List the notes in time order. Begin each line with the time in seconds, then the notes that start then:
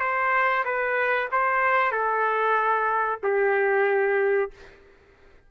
0.00 C5
0.65 B4
1.32 C5
1.91 A4
3.23 G4